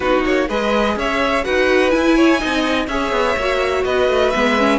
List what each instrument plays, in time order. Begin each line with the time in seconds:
0.00 cello B3, viola D#4, violin F#4 B4
0.25 cello A#3, violin C#5
0.48 cello G#3, viola G#4, violin B4 D#5
0.96 cello C#4, violin C#5 E5
1.44 cello D#4, viola F#4, violin B4 F#5
1.90 viola E4, cello E4, violin G#5
2.16 violin C#5
2.38 cello C4, viola D#4, violin D#5
2.87 cello C#4, viola G#4, violin C#5 E5
3.11 cello B3
3.36 cello A#3, viola F#4
3.84 cello B3, violin B4 D#5
4.08 cello A3
4.30 cello G#3, viola B3, violin E5
4.58 viola C#4